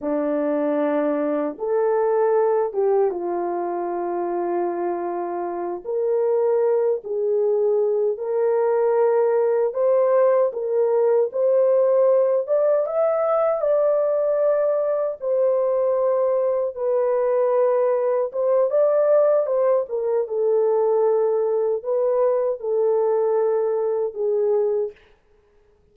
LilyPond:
\new Staff \with { instrumentName = "horn" } { \time 4/4 \tempo 4 = 77 d'2 a'4. g'8 | f'2.~ f'8 ais'8~ | ais'4 gis'4. ais'4.~ | ais'8 c''4 ais'4 c''4. |
d''8 e''4 d''2 c''8~ | c''4. b'2 c''8 | d''4 c''8 ais'8 a'2 | b'4 a'2 gis'4 | }